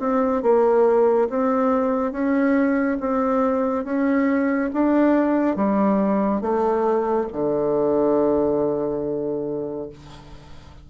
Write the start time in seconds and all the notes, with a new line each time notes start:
0.00 C4
0.43 A#3
1.30 C4
2.12 C#4
3.00 C4
3.85 C#4
4.74 D4
5.56 G3
6.42 A3
7.33 D3